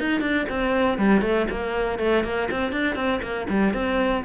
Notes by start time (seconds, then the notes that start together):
0.00 D#4
0.21 D4
0.50 C4
0.98 G3
1.22 A3
1.51 A#3
1.99 A3
2.24 A#3
2.51 C4
2.73 D4
2.96 C4
3.23 A#3
3.50 G3
3.74 C4